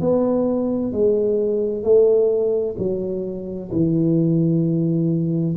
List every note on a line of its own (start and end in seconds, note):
0.00 0.92 B3
0.92 1.83 G#3
1.83 2.75 A3
2.78 3.70 F#3
3.71 5.56 E3